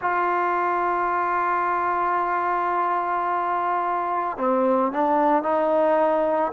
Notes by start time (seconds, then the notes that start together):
0.01 F4
4.37 C4
4.91 D4
5.42 D#4